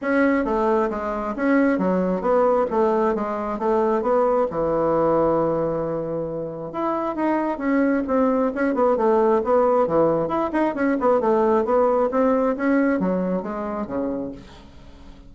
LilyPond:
\new Staff \with { instrumentName = "bassoon" } { \time 4/4 \tempo 4 = 134 cis'4 a4 gis4 cis'4 | fis4 b4 a4 gis4 | a4 b4 e2~ | e2. e'4 |
dis'4 cis'4 c'4 cis'8 b8 | a4 b4 e4 e'8 dis'8 | cis'8 b8 a4 b4 c'4 | cis'4 fis4 gis4 cis4 | }